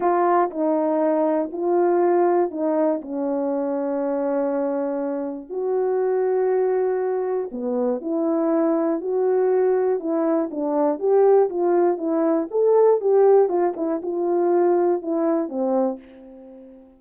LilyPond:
\new Staff \with { instrumentName = "horn" } { \time 4/4 \tempo 4 = 120 f'4 dis'2 f'4~ | f'4 dis'4 cis'2~ | cis'2. fis'4~ | fis'2. b4 |
e'2 fis'2 | e'4 d'4 g'4 f'4 | e'4 a'4 g'4 f'8 e'8 | f'2 e'4 c'4 | }